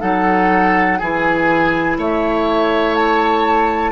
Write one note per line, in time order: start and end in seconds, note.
0.00 1.01 F#3
0.00 0.98 D#4
0.00 0.99 A4
0.00 0.99 F#5
0.99 1.98 E3
0.99 3.92 E4
0.99 1.98 G#4
0.99 1.97 G#5
1.98 3.92 A3
1.98 3.92 C#5
1.98 2.96 E5
2.96 3.92 A5